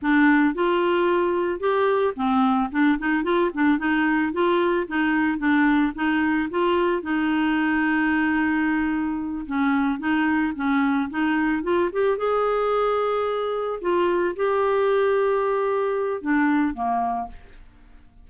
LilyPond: \new Staff \with { instrumentName = "clarinet" } { \time 4/4 \tempo 4 = 111 d'4 f'2 g'4 | c'4 d'8 dis'8 f'8 d'8 dis'4 | f'4 dis'4 d'4 dis'4 | f'4 dis'2.~ |
dis'4. cis'4 dis'4 cis'8~ | cis'8 dis'4 f'8 g'8 gis'4.~ | gis'4. f'4 g'4.~ | g'2 d'4 ais4 | }